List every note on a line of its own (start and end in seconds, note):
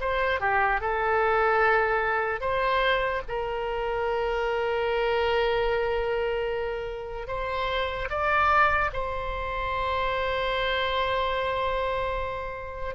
0.00 0.40 C5
0.40 0.80 G4
0.80 2.40 A4
2.40 3.21 C5
3.28 7.27 A#4
7.27 8.08 C5
8.09 8.90 D5
8.93 12.95 C5